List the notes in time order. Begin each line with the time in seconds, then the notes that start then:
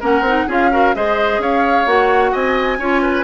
0.00 A#3 C#4 A#4 F#5
0.21 C4
0.27 D#4
0.47 C#4 F4 G#4 F5
0.71 F#4 A#4
0.95 G#3 G#4 C5 D#5
1.38 C#4 C#5 F5
1.86 A#3 F#4 F#5
2.31 C4 D#5 G#5
2.78 C#4 F4 C#5
3.02 B4